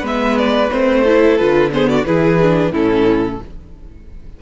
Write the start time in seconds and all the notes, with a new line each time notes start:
0.00 G#3 B3 B4
0.06 E5
0.38 D5
0.71 A3 C4 C5
1.03 E4 A4
1.37 D3 F4 B4
1.71 B3 G#4 C5
1.89 F#4 D5
2.05 E3 E4 G#4 B4
2.42 D4
2.71 A2 C#4 E4 A4